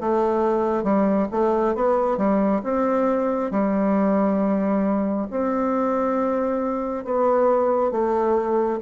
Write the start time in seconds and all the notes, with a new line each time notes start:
0.00 A3
0.83 G3
1.31 A3
1.74 B3
2.17 G3
2.63 C4
3.51 G3
5.31 C4
7.04 B3
7.91 A3